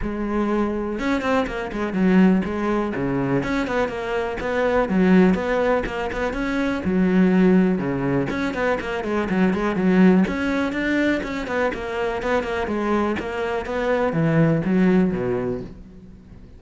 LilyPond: \new Staff \with { instrumentName = "cello" } { \time 4/4 \tempo 4 = 123 gis2 cis'8 c'8 ais8 gis8 | fis4 gis4 cis4 cis'8 b8 | ais4 b4 fis4 b4 | ais8 b8 cis'4 fis2 |
cis4 cis'8 b8 ais8 gis8 fis8 gis8 | fis4 cis'4 d'4 cis'8 b8 | ais4 b8 ais8 gis4 ais4 | b4 e4 fis4 b,4 | }